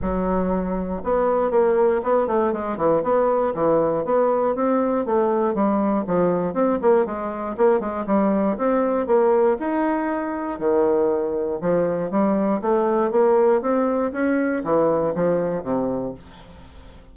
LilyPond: \new Staff \with { instrumentName = "bassoon" } { \time 4/4 \tempo 4 = 119 fis2 b4 ais4 | b8 a8 gis8 e8 b4 e4 | b4 c'4 a4 g4 | f4 c'8 ais8 gis4 ais8 gis8 |
g4 c'4 ais4 dis'4~ | dis'4 dis2 f4 | g4 a4 ais4 c'4 | cis'4 e4 f4 c4 | }